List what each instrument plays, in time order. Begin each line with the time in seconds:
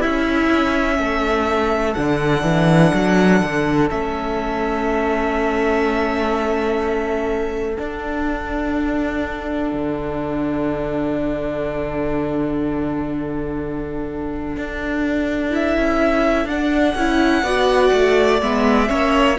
0.00 cello C#4, viola C#4, violin E4 E5
0.99 cello A3, violin A4
1.94 cello D3, viola D4, violin F#5
2.43 cello E3
2.94 cello F#3
3.43 cello D3
3.89 cello A3, viola C#4, violin E5
7.77 viola D4, cello D4, violin F#5
9.72 cello D3
14.56 cello D4
15.50 viola E4, violin E5
15.77 cello C#4
16.45 cello D4, viola D4, violin F#5
16.95 cello C#4, viola E4
17.43 cello B3, viola F#4, violin D5
17.93 cello A3
18.41 cello G#3, viola B3, violin E5
18.87 cello A#3, viola C#4, violin C#5